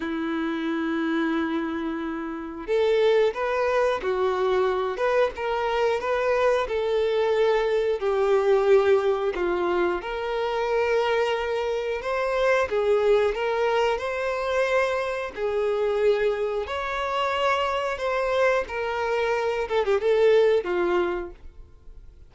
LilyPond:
\new Staff \with { instrumentName = "violin" } { \time 4/4 \tempo 4 = 90 e'1 | a'4 b'4 fis'4. b'8 | ais'4 b'4 a'2 | g'2 f'4 ais'4~ |
ais'2 c''4 gis'4 | ais'4 c''2 gis'4~ | gis'4 cis''2 c''4 | ais'4. a'16 g'16 a'4 f'4 | }